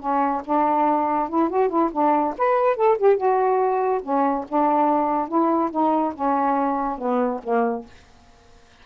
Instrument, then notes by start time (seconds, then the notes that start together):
saxophone
0.00 C#4
0.45 D4
1.29 E4
1.50 F#4
1.69 E4
1.92 D4
2.38 B4
2.76 A4
2.98 G4
3.17 F#4
4.03 C#4
4.49 D4
5.28 E4
5.71 D#4
6.15 C#4
6.99 B3
7.44 A#3